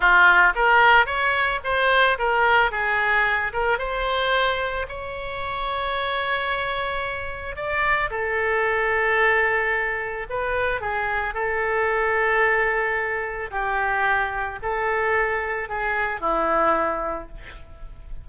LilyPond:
\new Staff \with { instrumentName = "oboe" } { \time 4/4 \tempo 4 = 111 f'4 ais'4 cis''4 c''4 | ais'4 gis'4. ais'8 c''4~ | c''4 cis''2.~ | cis''2 d''4 a'4~ |
a'2. b'4 | gis'4 a'2.~ | a'4 g'2 a'4~ | a'4 gis'4 e'2 | }